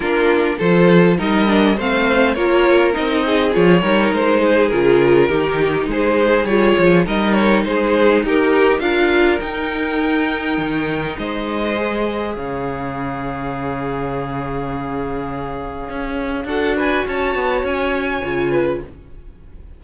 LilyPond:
<<
  \new Staff \with { instrumentName = "violin" } { \time 4/4 \tempo 4 = 102 ais'4 c''4 dis''4 f''4 | cis''4 dis''4 cis''4 c''4 | ais'2 c''4 cis''4 | dis''8 cis''8 c''4 ais'4 f''4 |
g''2. dis''4~ | dis''4 f''2.~ | f''1 | fis''8 gis''8 a''4 gis''2 | }
  \new Staff \with { instrumentName = "violin" } { \time 4/4 f'4 a'4 ais'4 c''4 | ais'4. gis'4 ais'4 gis'8~ | gis'4 g'4 gis'2 | ais'4 gis'4 g'4 ais'4~ |
ais'2. c''4~ | c''4 cis''2.~ | cis''1 | a'8 b'8 cis''2~ cis''8 b'8 | }
  \new Staff \with { instrumentName = "viola" } { \time 4/4 d'4 f'4 dis'8 d'8 c'4 | f'4 dis'4 f'8 dis'4. | f'4 dis'2 f'4 | dis'2. f'4 |
dis'1 | gis'1~ | gis'1 | fis'2. f'4 | }
  \new Staff \with { instrumentName = "cello" } { \time 4/4 ais4 f4 g4 a4 | ais4 c'4 f8 g8 gis4 | cis4 dis4 gis4 g8 f8 | g4 gis4 dis'4 d'4 |
dis'2 dis4 gis4~ | gis4 cis2.~ | cis2. cis'4 | d'4 cis'8 b8 cis'4 cis4 | }
>>